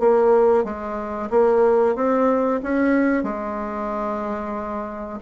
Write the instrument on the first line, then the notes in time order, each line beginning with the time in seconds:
bassoon
0.00 A#3
0.64 G#3
1.30 A#3
1.95 C4
2.63 C#4
3.23 G#3